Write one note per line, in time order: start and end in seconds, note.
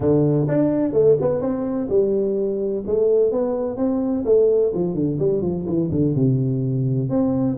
0.00 0.47 D3
0.47 0.92 D4
0.92 1.16 A3
1.20 1.41 B3
1.41 1.88 C4
1.89 2.83 G3
2.86 3.31 A3
3.31 3.77 B3
3.77 4.24 C4
4.25 4.72 A3
4.74 4.94 F3
4.94 5.18 D3
5.19 5.41 G3
5.41 5.65 F3
5.65 5.89 E3
5.91 6.14 D3
6.15 7.09 C3
7.09 7.56 C4